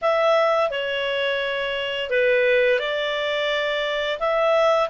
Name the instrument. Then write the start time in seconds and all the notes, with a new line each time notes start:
clarinet
0.01 E5
0.70 C#5
2.10 B4
2.79 D5
4.19 E5